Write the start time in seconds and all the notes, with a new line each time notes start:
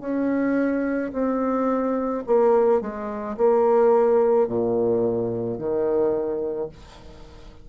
0.00 C#4
1.12 C4
2.26 A#3
2.81 G#3
3.37 A#3
4.47 A#2
5.58 D#3